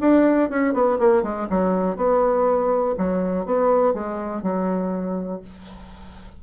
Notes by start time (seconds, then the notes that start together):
0.00 D4
0.49 C#4
0.73 B3
0.98 A#3
1.22 G#3
1.49 F#3
1.96 B3
2.97 F#3
3.45 B3
3.93 G#3
4.42 F#3